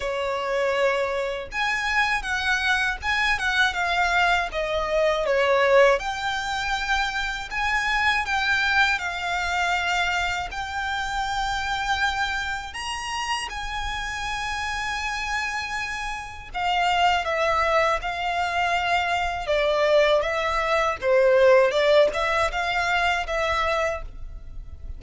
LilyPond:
\new Staff \with { instrumentName = "violin" } { \time 4/4 \tempo 4 = 80 cis''2 gis''4 fis''4 | gis''8 fis''8 f''4 dis''4 cis''4 | g''2 gis''4 g''4 | f''2 g''2~ |
g''4 ais''4 gis''2~ | gis''2 f''4 e''4 | f''2 d''4 e''4 | c''4 d''8 e''8 f''4 e''4 | }